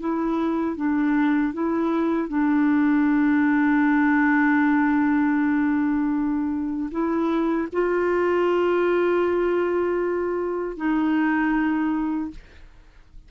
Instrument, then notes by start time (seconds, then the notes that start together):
clarinet
0.00 E4
0.77 D4
1.53 E4
2.28 D4
6.91 E4
7.72 F4
10.77 D#4